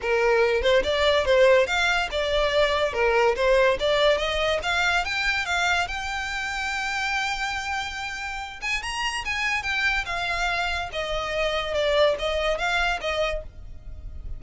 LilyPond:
\new Staff \with { instrumentName = "violin" } { \time 4/4 \tempo 4 = 143 ais'4. c''8 d''4 c''4 | f''4 d''2 ais'4 | c''4 d''4 dis''4 f''4 | g''4 f''4 g''2~ |
g''1~ | g''8 gis''8 ais''4 gis''4 g''4 | f''2 dis''2 | d''4 dis''4 f''4 dis''4 | }